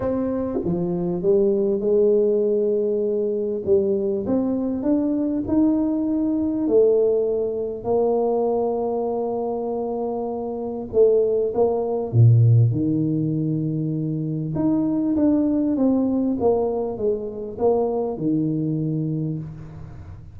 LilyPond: \new Staff \with { instrumentName = "tuba" } { \time 4/4 \tempo 4 = 99 c'4 f4 g4 gis4~ | gis2 g4 c'4 | d'4 dis'2 a4~ | a4 ais2.~ |
ais2 a4 ais4 | ais,4 dis2. | dis'4 d'4 c'4 ais4 | gis4 ais4 dis2 | }